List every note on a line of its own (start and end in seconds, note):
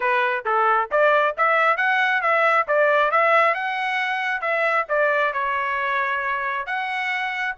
0.00 0.44 B4
0.45 0.89 A4
0.91 1.35 D5
1.37 1.77 E5
1.77 2.21 F#5
2.21 2.66 E5
2.67 3.11 D5
3.11 3.54 E5
3.54 4.41 F#5
4.41 4.85 E5
4.88 5.33 D5
5.33 6.66 C#5
6.66 7.55 F#5